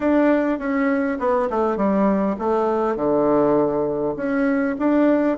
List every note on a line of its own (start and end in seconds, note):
0.00 0.58 D4
0.58 1.18 C#4
1.19 1.49 B3
1.50 1.76 A3
1.76 2.36 G3
2.38 2.95 A3
2.95 4.14 D3
4.16 4.76 C#4
4.78 5.37 D4